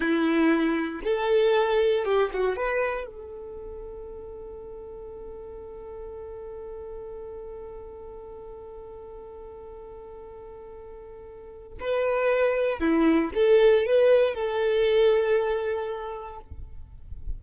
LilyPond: \new Staff \with { instrumentName = "violin" } { \time 4/4 \tempo 4 = 117 e'2 a'2 | g'8 fis'8 b'4 a'2~ | a'1~ | a'1~ |
a'1~ | a'2. b'4~ | b'4 e'4 a'4 b'4 | a'1 | }